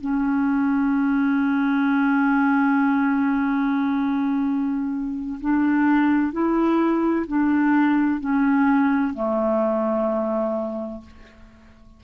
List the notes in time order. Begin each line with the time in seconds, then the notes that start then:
0.00 C#4
5.40 D4
6.32 E4
7.27 D4
8.20 C#4
9.14 A3